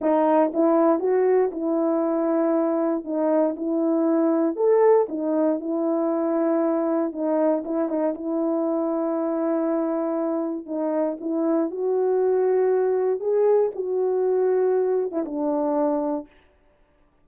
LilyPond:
\new Staff \with { instrumentName = "horn" } { \time 4/4 \tempo 4 = 118 dis'4 e'4 fis'4 e'4~ | e'2 dis'4 e'4~ | e'4 a'4 dis'4 e'4~ | e'2 dis'4 e'8 dis'8 |
e'1~ | e'4 dis'4 e'4 fis'4~ | fis'2 gis'4 fis'4~ | fis'4.~ fis'16 e'16 d'2 | }